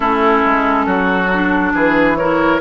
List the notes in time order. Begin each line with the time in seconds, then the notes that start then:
0.00 A3 C#4 E4 A4
0.44 G#3
0.86 F#3 F#4
1.33 D4
1.73 E3 G#4 B4
2.16 E4 A#4 C#5